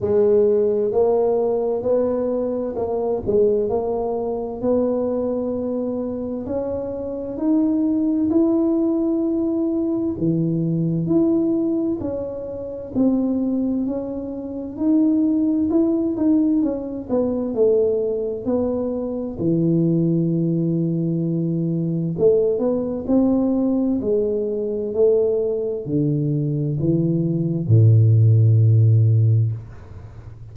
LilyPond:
\new Staff \with { instrumentName = "tuba" } { \time 4/4 \tempo 4 = 65 gis4 ais4 b4 ais8 gis8 | ais4 b2 cis'4 | dis'4 e'2 e4 | e'4 cis'4 c'4 cis'4 |
dis'4 e'8 dis'8 cis'8 b8 a4 | b4 e2. | a8 b8 c'4 gis4 a4 | d4 e4 a,2 | }